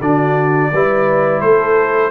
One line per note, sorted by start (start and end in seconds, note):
0.00 0.70 D3
0.00 0.72 D4
0.00 0.71 F#4
0.00 1.41 D5
0.73 1.41 G3
0.73 2.10 E4
0.73 1.41 B4
1.41 2.10 A3
1.41 2.10 A4
1.41 2.10 C5